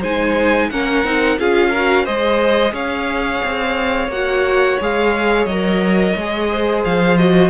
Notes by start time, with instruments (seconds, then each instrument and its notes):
0.00 cello G#3, viola D#4, violin C5 G#5
0.71 cello A#3, viola C#4, violin A#4 F#5
1.04 cello C4, viola D#4
1.39 cello C#4, viola F4, violin G#4 F5
1.70 viola F#4, violin A#4
2.04 cello G#3, viola G#4, violin C5 D#5
2.72 cello C#4, violin C#5 F5
3.43 cello C4
4.08 cello A#3, viola F#4, violin F#5
4.81 cello G#3, viola G#4, violin F5
5.46 cello F#3, viola A#4, violin D#5
6.16 cello G#3, viola G#4
6.51 violin C5
6.84 cello F3, violin F5
7.17 viola F#4, violin D#5